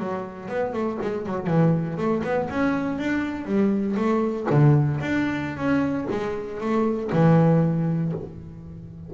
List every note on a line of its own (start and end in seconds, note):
0.00 0.49 F#3
0.49 0.74 B3
0.74 0.99 A3
1.02 1.27 G#3
1.27 1.47 F#3
1.47 1.97 E3
1.98 2.23 A3
2.24 2.49 B3
2.50 2.99 C#4
2.99 3.46 D4
3.46 3.96 G3
3.97 4.47 A3
4.50 5.00 D3
5.01 5.57 D4
5.57 6.07 C#4
6.11 6.61 G#3
6.61 7.11 A3
7.13 8.13 E3